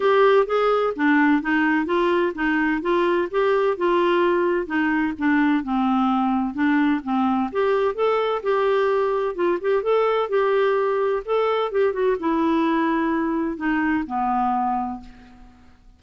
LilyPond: \new Staff \with { instrumentName = "clarinet" } { \time 4/4 \tempo 4 = 128 g'4 gis'4 d'4 dis'4 | f'4 dis'4 f'4 g'4 | f'2 dis'4 d'4 | c'2 d'4 c'4 |
g'4 a'4 g'2 | f'8 g'8 a'4 g'2 | a'4 g'8 fis'8 e'2~ | e'4 dis'4 b2 | }